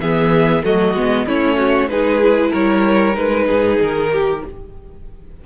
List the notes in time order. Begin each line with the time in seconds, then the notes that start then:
0.00 E3 B3 G#4 E5
0.63 F#3 A3 F#4 D#5
0.94 G#3 B3
1.26 A3 C#4 E4 C#5
1.57 F#4
1.89 G#3 D#4 G#4 B4
2.21 E4
2.50 G3 A#4 C#5
3.14 G#3 D#4 B4
3.46 G#2 G#4
3.79 D#3 A#4
4.12 G4